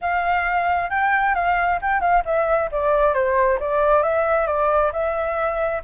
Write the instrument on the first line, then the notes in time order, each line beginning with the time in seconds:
flute
0.01 F5
0.90 G5
1.34 F5
1.81 G5
2.00 F5
2.25 E5
2.71 D5
3.13 C5
3.60 D5
4.03 E5
4.47 D5
4.92 E5